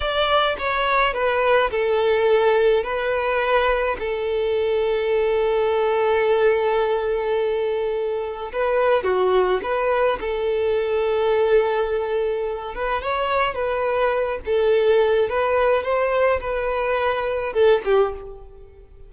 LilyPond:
\new Staff \with { instrumentName = "violin" } { \time 4/4 \tempo 4 = 106 d''4 cis''4 b'4 a'4~ | a'4 b'2 a'4~ | a'1~ | a'2. b'4 |
fis'4 b'4 a'2~ | a'2~ a'8 b'8 cis''4 | b'4. a'4. b'4 | c''4 b'2 a'8 g'8 | }